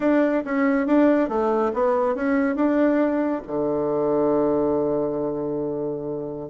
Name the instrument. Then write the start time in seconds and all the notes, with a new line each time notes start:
bassoon
0.00 D4
0.44 C#4
0.86 D4
1.29 A3
1.73 B3
2.15 C#4
2.55 D4
3.47 D3